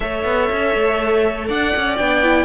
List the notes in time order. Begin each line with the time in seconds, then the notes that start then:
0.00 A3 A4 C#5 E5
0.24 B3
0.51 C#4
0.74 A3
1.48 D4 D5 F#5
1.76 C#4
1.96 B3 D4 G5
2.23 E4